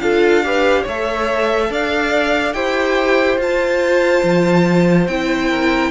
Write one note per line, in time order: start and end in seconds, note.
0.00 0.85 D4
0.00 0.43 F4
0.00 0.46 A4
0.00 0.85 F5
0.43 0.86 G4
0.43 0.83 B4
0.83 1.70 A3
0.83 1.68 C#5
0.83 1.73 E5
0.90 2.55 A4
1.70 2.55 D4
1.70 2.55 D5
1.70 2.54 F5
2.54 3.38 E4
2.54 3.39 G4
2.54 5.50 C5
2.54 3.38 G5
3.38 4.23 F4
3.38 5.08 F4
3.38 5.08 A5
4.24 5.08 F3
5.08 5.92 C4
5.08 5.92 E4
5.08 5.92 G5
5.50 5.92 A#4